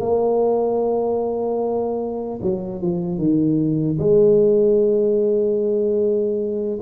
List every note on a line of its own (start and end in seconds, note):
0.00 2.40 A#3
2.42 2.81 F#3
2.81 3.18 F3
3.18 3.98 D#3
3.99 6.79 G#3